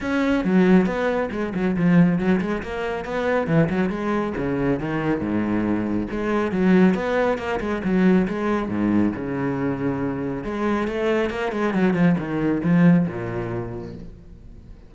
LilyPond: \new Staff \with { instrumentName = "cello" } { \time 4/4 \tempo 4 = 138 cis'4 fis4 b4 gis8 fis8 | f4 fis8 gis8 ais4 b4 | e8 fis8 gis4 cis4 dis4 | gis,2 gis4 fis4 |
b4 ais8 gis8 fis4 gis4 | gis,4 cis2. | gis4 a4 ais8 gis8 fis8 f8 | dis4 f4 ais,2 | }